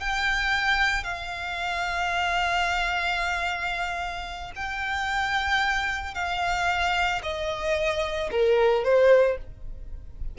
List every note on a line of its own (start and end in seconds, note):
0.00 1.03 G5
1.03 4.52 F5
4.55 6.14 G5
6.14 7.22 F5
7.22 8.30 D#5
8.31 8.84 A#4
8.84 9.37 C5